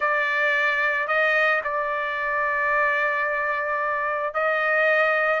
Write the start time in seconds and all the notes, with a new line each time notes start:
0.00 D5
1.07 D#5
1.64 D5
4.34 D#5